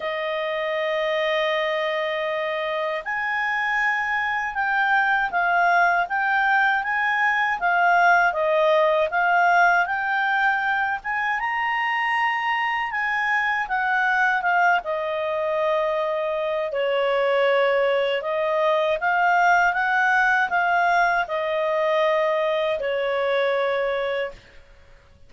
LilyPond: \new Staff \with { instrumentName = "clarinet" } { \time 4/4 \tempo 4 = 79 dis''1 | gis''2 g''4 f''4 | g''4 gis''4 f''4 dis''4 | f''4 g''4. gis''8 ais''4~ |
ais''4 gis''4 fis''4 f''8 dis''8~ | dis''2 cis''2 | dis''4 f''4 fis''4 f''4 | dis''2 cis''2 | }